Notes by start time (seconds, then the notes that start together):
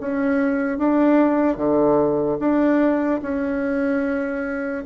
0.00 C#4
0.78 D4
1.57 D3
2.39 D4
3.22 C#4